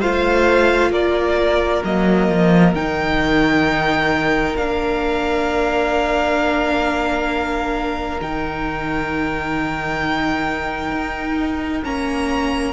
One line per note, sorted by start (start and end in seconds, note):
0.00 0.91 A3
0.00 1.84 F4
0.00 0.91 C5
0.00 0.92 F5
0.91 1.82 A#3
0.91 12.73 A#4
0.91 1.83 D5
1.84 2.29 F#3
1.84 2.76 A#3
1.84 2.75 D#5
2.29 2.73 F3
2.73 4.55 D#3
2.73 4.57 D#4
2.73 4.57 G5
4.56 8.20 A#3
4.56 8.20 D4
4.56 8.20 F5
8.21 10.92 D#3
8.21 11.83 D#4
8.21 11.84 G5
10.92 11.83 D#4
11.83 12.73 A#3
11.83 12.73 C#4
11.83 12.73 A#5